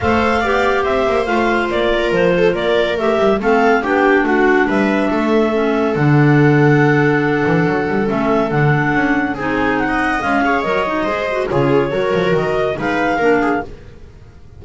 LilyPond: <<
  \new Staff \with { instrumentName = "clarinet" } { \time 4/4 \tempo 4 = 141 f''2 e''4 f''4 | d''4 c''4 d''4 e''4 | f''4 g''4 fis''4 e''4~ | e''2 fis''2~ |
fis''2. e''4 | fis''2 gis''4 fis''4 | f''4 dis''2 cis''4~ | cis''4 dis''4 f''2 | }
  \new Staff \with { instrumentName = "viola" } { \time 4/4 c''4 d''4 c''2~ | c''8 ais'4 a'8 ais'2 | a'4 g'4 fis'4 b'4 | a'1~ |
a'1~ | a'2 gis'4~ gis'16 dis''8.~ | dis''8 cis''4. c''4 gis'4 | ais'2 b'4 ais'8 gis'8 | }
  \new Staff \with { instrumentName = "clarinet" } { \time 4/4 a'4 g'2 f'4~ | f'2. g'4 | c'4 d'2.~ | d'4 cis'4 d'2~ |
d'2. cis'4 | d'2 dis'2 | gis8 gis'8 ais'8 dis'8 gis'8 fis'8 f'4 | fis'2 dis'4 d'4 | }
  \new Staff \with { instrumentName = "double bass" } { \time 4/4 a4 b4 c'8 ais8 a4 | ais4 f4 ais4 a8 g8 | a4 b4 a4 g4 | a2 d2~ |
d4. e8 fis8 g8 a4 | d4 cis'4 c'2 | cis'4 fis4 gis4 cis4 | fis8 f8 dis4 gis4 ais4 | }
>>